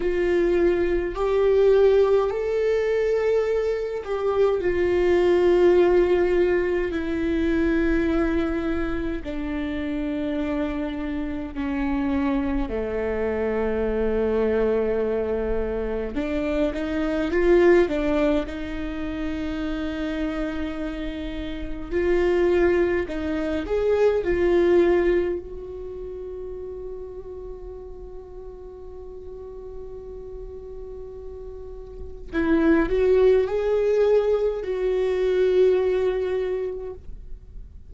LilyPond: \new Staff \with { instrumentName = "viola" } { \time 4/4 \tempo 4 = 52 f'4 g'4 a'4. g'8 | f'2 e'2 | d'2 cis'4 a4~ | a2 d'8 dis'8 f'8 d'8 |
dis'2. f'4 | dis'8 gis'8 f'4 fis'2~ | fis'1 | e'8 fis'8 gis'4 fis'2 | }